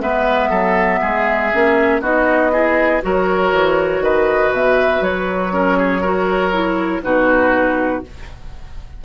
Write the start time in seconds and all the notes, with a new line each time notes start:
0.00 G#3 B3 B4 E5
0.50 F#3 A4
1.02 G#3 G#4
1.53 A#3 C#4
2.02 B3 D#4 F#4 D#5
2.53 E4 G#4
3.02 F#3 F#4 A#4 C#5
3.52 E3
4.01 D#3 B4 D#5
4.52 B2 E5
5.01 F#3 C#5
5.52 C#4 A#4
5.78 G#4
6.02 F#4 A#4
6.52 E4
7.03 B2 D#4 F#4 B4